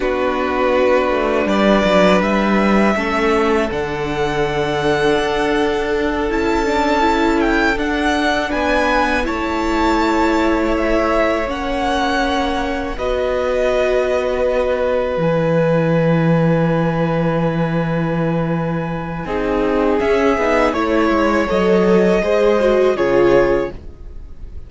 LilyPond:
<<
  \new Staff \with { instrumentName = "violin" } { \time 4/4 \tempo 4 = 81 b'2 d''4 e''4~ | e''4 fis''2.~ | fis''8 a''4. g''8 fis''4 gis''8~ | gis''8 a''2 e''4 fis''8~ |
fis''4. dis''2~ dis''8~ | dis''8 gis''2.~ gis''8~ | gis''2. e''4 | cis''4 dis''2 cis''4 | }
  \new Staff \with { instrumentName = "violin" } { \time 4/4 fis'2 b'2 | a'1~ | a'2.~ a'8 b'8~ | b'8 cis''2.~ cis''8~ |
cis''4. b'2~ b'8~ | b'1~ | b'2 gis'2 | cis''2 c''4 gis'4 | }
  \new Staff \with { instrumentName = "viola" } { \time 4/4 d'1 | cis'4 d'2.~ | d'8 e'8 d'8 e'4 d'4.~ | d'8 e'2. cis'8~ |
cis'4. fis'2~ fis'8~ | fis'8 e'2.~ e'8~ | e'2 dis'4 cis'8 dis'8 | e'4 a'4 gis'8 fis'8 f'4 | }
  \new Staff \with { instrumentName = "cello" } { \time 4/4 b4. a8 g8 fis8 g4 | a4 d2 d'4~ | d'8 cis'2 d'4 b8~ | b8 a2. ais8~ |
ais4. b2~ b8~ | b8 e2.~ e8~ | e2 c'4 cis'8 b8 | a8 gis8 fis4 gis4 cis4 | }
>>